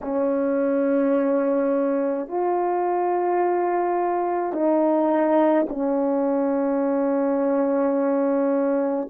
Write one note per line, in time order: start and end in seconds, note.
0.01 2.27 C#4
2.27 4.53 F4
4.53 5.66 D#4
5.69 9.08 C#4